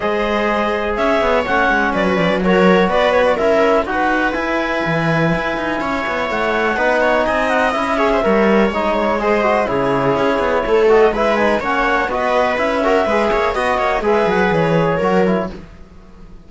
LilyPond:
<<
  \new Staff \with { instrumentName = "clarinet" } { \time 4/4 \tempo 4 = 124 dis''2 e''4 fis''4 | d''16 fis'16 d''8 cis''4 d''8 cis''16 d''16 e''4 | fis''4 gis''2.~ | gis''4 fis''2 gis''8 fis''8 |
e''2 dis''8 cis''8 dis''4 | cis''2~ cis''8 dis''8 e''8 gis''8 | fis''4 dis''4 e''2 | dis''4 e''8 fis''8 cis''2 | }
  \new Staff \with { instrumentName = "viola" } { \time 4/4 c''2 cis''2 | b'4 ais'4 b'4 ais'4 | b'1 | cis''2 b'8 cis''8 dis''4~ |
dis''8 cis''16 c''16 cis''2 c''4 | gis'2 a'4 b'4 | cis''4 b'4. ais'8 b'8 cis''8 | dis''8 cis''8 b'2 ais'4 | }
  \new Staff \with { instrumentName = "trombone" } { \time 4/4 gis'2. cis'4~ | cis'4 fis'2 e'4 | fis'4 e'2.~ | e'2 dis'2 |
e'8 gis'8 ais'4 dis'4 gis'8 fis'8 | e'2~ e'8 fis'8 e'8 dis'8 | cis'4 fis'4 e'8 fis'8 gis'4 | fis'4 gis'2 fis'8 e'8 | }
  \new Staff \with { instrumentName = "cello" } { \time 4/4 gis2 cis'8 b8 a8 gis8 | fis8 f16 fis4~ fis16 b4 cis'4 | dis'4 e'4 e4 e'8 dis'8 | cis'8 b8 a4 b4 c'4 |
cis'4 g4 gis2 | cis4 cis'8 b8 a4 gis4 | ais4 b4 cis'4 gis8 ais8 | b8 ais8 gis8 fis8 e4 fis4 | }
>>